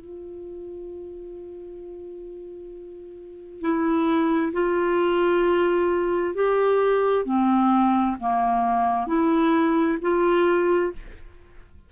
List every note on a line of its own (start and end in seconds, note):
0.00 3.61 F4
3.61 4.52 E4
4.53 6.35 F4
6.35 7.26 G4
7.26 8.17 C4
8.20 9.07 A#3
9.07 9.98 E4
10.02 10.93 F4